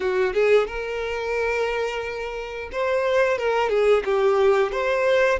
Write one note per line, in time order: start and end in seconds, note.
0.00 0.33 F#4
0.33 0.67 G#4
0.67 2.69 A#4
2.72 3.37 C5
3.37 3.69 A#4
3.69 4.03 G#4
4.04 4.72 G4
4.72 5.39 C5